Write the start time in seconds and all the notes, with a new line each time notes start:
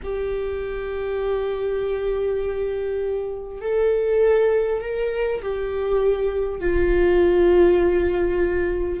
0.03 G4
3.61 A4
4.81 A#4
5.42 G4
6.59 F4